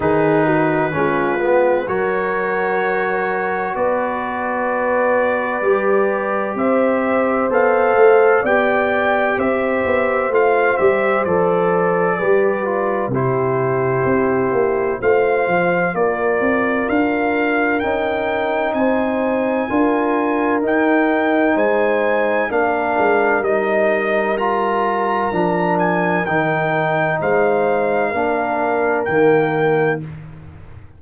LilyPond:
<<
  \new Staff \with { instrumentName = "trumpet" } { \time 4/4 \tempo 4 = 64 b'2 cis''2 | d''2. e''4 | f''4 g''4 e''4 f''8 e''8 | d''2 c''2 |
f''4 d''4 f''4 g''4 | gis''2 g''4 gis''4 | f''4 dis''4 ais''4. gis''8 | g''4 f''2 g''4 | }
  \new Staff \with { instrumentName = "horn" } { \time 4/4 gis'8 fis'8 f'4 ais'2 | b'2. c''4~ | c''4 d''4 c''2~ | c''4 b'4 g'2 |
c''4 ais'2. | c''4 ais'2 c''4 | ais'1~ | ais'4 c''4 ais'2 | }
  \new Staff \with { instrumentName = "trombone" } { \time 4/4 dis'4 cis'8 b8 fis'2~ | fis'2 g'2 | a'4 g'2 f'8 g'8 | a'4 g'8 f'8 e'2 |
f'2. dis'4~ | dis'4 f'4 dis'2 | d'4 dis'4 f'4 d'4 | dis'2 d'4 ais4 | }
  \new Staff \with { instrumentName = "tuba" } { \time 4/4 dis4 gis4 fis2 | b2 g4 c'4 | b8 a8 b4 c'8 b8 a8 g8 | f4 g4 c4 c'8 ais8 |
a8 f8 ais8 c'8 d'4 cis'4 | c'4 d'4 dis'4 gis4 | ais8 gis8 g2 f4 | dis4 gis4 ais4 dis4 | }
>>